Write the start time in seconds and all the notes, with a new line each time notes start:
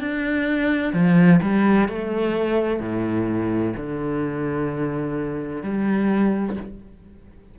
0.00 D4
0.93 F3
1.42 G3
1.88 A3
2.80 A2
3.76 D3
5.62 G3